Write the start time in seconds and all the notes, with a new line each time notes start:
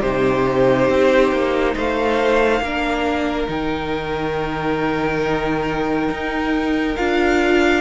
0.00 C3 D#4 G4 C5
0.89 C4
1.31 A#3
1.75 A3 C5 F5
2.60 A#3 D4 A#4
3.47 D#3 D#4 G5
6.10 D#4
6.96 D4 F4 F5